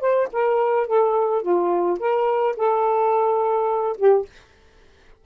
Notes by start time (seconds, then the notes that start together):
0.00 C5
0.32 A#4
0.87 A4
1.42 F4
1.99 A#4
2.56 A4
3.97 G4